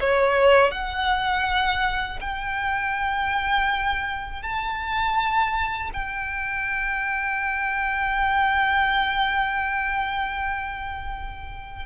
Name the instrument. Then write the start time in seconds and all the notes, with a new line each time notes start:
violin
0.00 C#5
0.71 F#5
2.21 G5
4.42 A5
5.93 G5